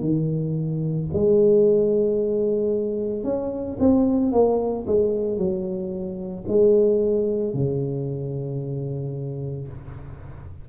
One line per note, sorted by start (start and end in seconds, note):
0.00 1.07 D#3
1.12 3.23 G#3
3.23 3.77 C#4
3.79 4.32 C4
4.32 4.86 A#3
4.86 5.37 G#3
5.37 6.44 F#3
6.47 7.53 G#3
7.53 9.68 C#3